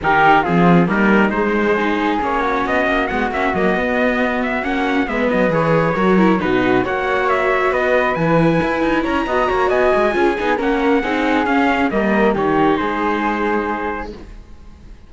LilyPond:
<<
  \new Staff \with { instrumentName = "trumpet" } { \time 4/4 \tempo 4 = 136 ais'4 gis'4 ais'4 c''4~ | c''4 cis''4 dis''4 fis''8 e''8 | dis''2 e''8 fis''4 e''8 | dis''8 cis''2 b'4 fis''8~ |
fis''8 e''4 dis''4 gis''4.~ | gis''8 ais''4. gis''2 | fis''2 f''4 dis''4 | cis''4 c''2. | }
  \new Staff \with { instrumentName = "flute" } { \time 4/4 g'4 f'4 dis'2 | gis'4. fis'2~ fis'8~ | fis'2.~ fis'8 b'8~ | b'4. ais'4 fis'4 cis''8~ |
cis''4. b'2~ b'8~ | b'8 cis''8 dis''8 cis''8 dis''4 gis'4 | ais'4 gis'2 ais'4 | g'4 gis'2. | }
  \new Staff \with { instrumentName = "viola" } { \time 4/4 dis'4 c'4 ais4 gis4 | dis'4 cis'2 b8 cis'8 | ais8 b2 cis'4 b8~ | b8 gis'4 fis'8 e'8 dis'4 fis'8~ |
fis'2~ fis'8 e'4.~ | e'4 fis'2 f'8 dis'8 | cis'4 dis'4 cis'4 ais4 | dis'1 | }
  \new Staff \with { instrumentName = "cello" } { \time 4/4 dis4 f4 g4 gis4~ | gis4 ais4 b8 ais8 gis8 ais8 | fis8 b2 ais4 gis8 | fis8 e4 fis4 b,4 ais8~ |
ais4. b4 e4 e'8 | dis'8 cis'8 b8 ais8 b8 gis8 cis'8 b8 | ais4 c'4 cis'4 g4 | dis4 gis2. | }
>>